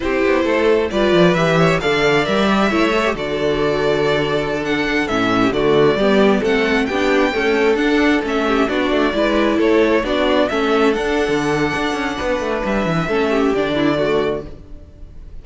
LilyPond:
<<
  \new Staff \with { instrumentName = "violin" } { \time 4/4 \tempo 4 = 133 c''2 d''4 e''4 | f''4 e''2 d''4~ | d''2~ d''16 fis''4 e''8.~ | e''16 d''2 fis''4 g''8.~ |
g''4~ g''16 fis''4 e''4 d''8.~ | d''4~ d''16 cis''4 d''4 e''8.~ | e''16 fis''2.~ fis''8. | e''2 d''2 | }
  \new Staff \with { instrumentName = "violin" } { \time 4/4 g'4 a'4 b'4. cis''8 | d''2 cis''4 a'4~ | a'1 | g'16 fis'4 g'4 a'4 g'8.~ |
g'16 a'2~ a'8 g'8 fis'8.~ | fis'16 b'4 a'4 fis'4 a'8.~ | a'2. b'4~ | b'4 a'8 g'4 e'8 fis'4 | }
  \new Staff \with { instrumentName = "viola" } { \time 4/4 e'2 f'4 g'4 | a'4 ais'8 g'8 e'8 a'16 g'16 fis'4~ | fis'2~ fis'16 d'4 cis'8.~ | cis'16 a4 b4 c'4 d'8.~ |
d'16 a4 d'4 cis'4 d'8.~ | d'16 e'2 d'4 cis'8.~ | cis'16 d'2.~ d'8.~ | d'4 cis'4 d'4 a4 | }
  \new Staff \with { instrumentName = "cello" } { \time 4/4 c'8 b8 a4 g8 f8 e4 | d4 g4 a4 d4~ | d2.~ d16 a,8.~ | a,16 d4 g4 a4 b8.~ |
b16 cis'4 d'4 a4 b8 a16~ | a16 gis4 a4 b4 a8.~ | a16 d'8. d4 d'8 cis'8 b8 a8 | g8 e8 a4 d2 | }
>>